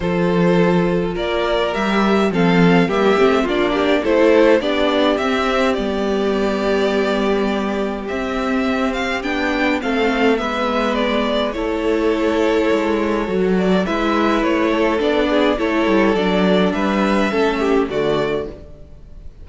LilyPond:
<<
  \new Staff \with { instrumentName = "violin" } { \time 4/4 \tempo 4 = 104 c''2 d''4 e''4 | f''4 e''4 d''4 c''4 | d''4 e''4 d''2~ | d''2 e''4. f''8 |
g''4 f''4 e''4 d''4 | cis''2.~ cis''8 d''8 | e''4 cis''4 d''4 cis''4 | d''4 e''2 d''4 | }
  \new Staff \with { instrumentName = "violin" } { \time 4/4 a'2 ais'2 | a'4 g'4 f'8 g'8 a'4 | g'1~ | g'1~ |
g'4 a'4 b'2 | a'1 | b'4. a'4 gis'8 a'4~ | a'4 b'4 a'8 g'8 fis'4 | }
  \new Staff \with { instrumentName = "viola" } { \time 4/4 f'2. g'4 | c'4 ais8 c'8 d'4 e'4 | d'4 c'4 b2~ | b2 c'2 |
d'4 c'4 b2 | e'2. fis'4 | e'2 d'4 e'4 | d'2 cis'4 a4 | }
  \new Staff \with { instrumentName = "cello" } { \time 4/4 f2 ais4 g4 | f4 g8 a8 ais4 a4 | b4 c'4 g2~ | g2 c'2 |
b4 a4 gis2 | a2 gis4 fis4 | gis4 a4 b4 a8 g8 | fis4 g4 a4 d4 | }
>>